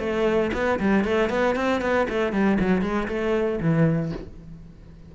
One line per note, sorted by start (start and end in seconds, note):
0.00 0.52 A3
0.53 0.79 B3
0.80 1.05 G3
1.05 1.30 A3
1.30 1.56 B3
1.56 1.82 C4
1.82 2.07 B3
2.09 2.33 A3
2.33 2.58 G3
2.60 2.82 F#3
2.82 3.08 G#3
3.08 3.60 A3
3.60 4.12 E3